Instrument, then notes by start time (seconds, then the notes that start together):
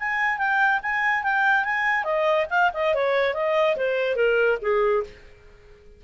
clarinet
0.00 G#5
0.39 G5
0.83 G#5
1.24 G5
1.65 G#5
2.05 D#5
2.51 F5
2.74 D#5
2.95 C#5
3.35 D#5
3.77 C5
4.16 A#4
4.62 G#4